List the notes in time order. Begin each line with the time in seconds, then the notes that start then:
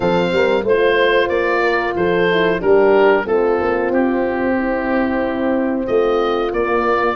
0.00 F3 C4 A4 F5
0.32 G3 A#4
0.63 A3 F4 C5
1.29 A#3 D5
1.62 A#4
1.95 F3 A4 C5
2.31 E4
2.59 G3 D4 G4 A#4
3.24 A3 C4 F4 A4
3.61 A#3
3.90 C4 G4
4.57 E4
5.87 A3 F4 D#5
6.52 A#3 D5